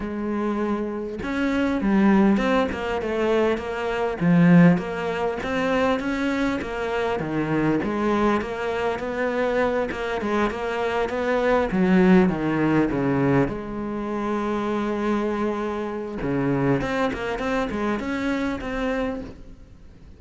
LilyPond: \new Staff \with { instrumentName = "cello" } { \time 4/4 \tempo 4 = 100 gis2 cis'4 g4 | c'8 ais8 a4 ais4 f4 | ais4 c'4 cis'4 ais4 | dis4 gis4 ais4 b4~ |
b8 ais8 gis8 ais4 b4 fis8~ | fis8 dis4 cis4 gis4.~ | gis2. cis4 | c'8 ais8 c'8 gis8 cis'4 c'4 | }